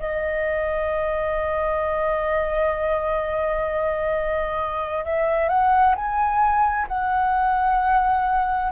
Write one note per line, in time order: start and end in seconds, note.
0.00 5.05 D#5
5.05 5.49 E5
5.49 5.95 F#5
5.96 6.88 G#5
6.88 8.72 F#5